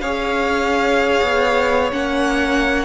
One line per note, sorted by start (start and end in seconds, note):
0.00 1.20 C#4
0.00 1.91 G#4
0.00 2.85 C#5
0.00 1.90 F5
1.22 1.92 B3
1.91 2.85 A#3
1.91 2.85 C#4
1.91 2.85 F#5